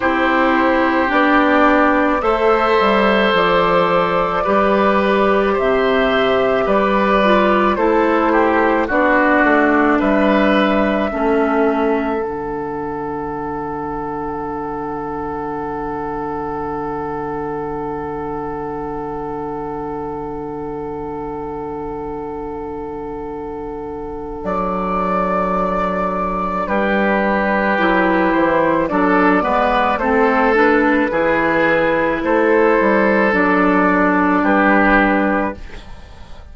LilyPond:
<<
  \new Staff \with { instrumentName = "flute" } { \time 4/4 \tempo 4 = 54 c''4 d''4 e''4 d''4~ | d''4 e''4 d''4 c''4 | d''4 e''2 fis''4~ | fis''1~ |
fis''1~ | fis''2 d''2 | b'4. c''8 d''4 c''8 b'8~ | b'4 c''4 d''4 b'4 | }
  \new Staff \with { instrumentName = "oboe" } { \time 4/4 g'2 c''2 | b'4 c''4 b'4 a'8 g'8 | fis'4 b'4 a'2~ | a'1~ |
a'1~ | a'1 | g'2 a'8 b'8 a'4 | gis'4 a'2 g'4 | }
  \new Staff \with { instrumentName = "clarinet" } { \time 4/4 e'4 d'4 a'2 | g'2~ g'8 f'8 e'4 | d'2 cis'4 d'4~ | d'1~ |
d'1~ | d'1~ | d'4 e'4 d'8 b8 c'8 d'8 | e'2 d'2 | }
  \new Staff \with { instrumentName = "bassoon" } { \time 4/4 c'4 b4 a8 g8 f4 | g4 c4 g4 a4 | b8 a8 g4 a4 d4~ | d1~ |
d1~ | d2 fis2 | g4 fis8 e8 fis8 gis8 a4 | e4 a8 g8 fis4 g4 | }
>>